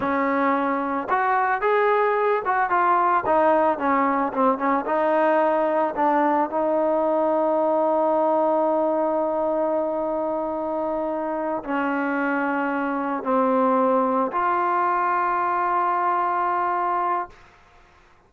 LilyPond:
\new Staff \with { instrumentName = "trombone" } { \time 4/4 \tempo 4 = 111 cis'2 fis'4 gis'4~ | gis'8 fis'8 f'4 dis'4 cis'4 | c'8 cis'8 dis'2 d'4 | dis'1~ |
dis'1~ | dis'4. cis'2~ cis'8~ | cis'8 c'2 f'4.~ | f'1 | }